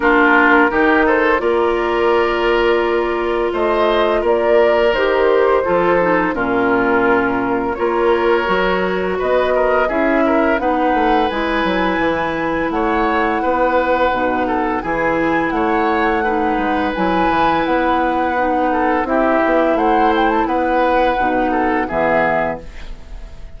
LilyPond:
<<
  \new Staff \with { instrumentName = "flute" } { \time 4/4 \tempo 4 = 85 ais'4. c''8 d''2~ | d''4 dis''4 d''4 c''4~ | c''4 ais'2 cis''4~ | cis''4 dis''4 e''4 fis''4 |
gis''2 fis''2~ | fis''4 gis''4 fis''2 | gis''4 fis''2 e''4 | fis''8 g''16 a''16 fis''2 e''4 | }
  \new Staff \with { instrumentName = "oboe" } { \time 4/4 f'4 g'8 a'8 ais'2~ | ais'4 c''4 ais'2 | a'4 f'2 ais'4~ | ais'4 b'8 ais'8 gis'8 ais'8 b'4~ |
b'2 cis''4 b'4~ | b'8 a'8 gis'4 cis''4 b'4~ | b'2~ b'8 a'8 g'4 | c''4 b'4. a'8 gis'4 | }
  \new Staff \with { instrumentName = "clarinet" } { \time 4/4 d'4 dis'4 f'2~ | f'2. g'4 | f'8 dis'8 cis'2 f'4 | fis'2 e'4 dis'4 |
e'1 | dis'4 e'2 dis'4 | e'2 dis'4 e'4~ | e'2 dis'4 b4 | }
  \new Staff \with { instrumentName = "bassoon" } { \time 4/4 ais4 dis4 ais2~ | ais4 a4 ais4 dis4 | f4 ais,2 ais4 | fis4 b4 cis'4 b8 a8 |
gis8 fis8 e4 a4 b4 | b,4 e4 a4. gis8 | fis8 e8 b2 c'8 b8 | a4 b4 b,4 e4 | }
>>